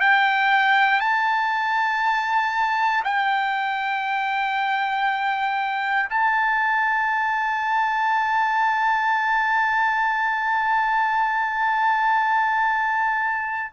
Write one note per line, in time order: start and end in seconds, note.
0.00 1.00 G5
1.00 3.04 A5
3.04 6.09 G5
6.10 13.72 A5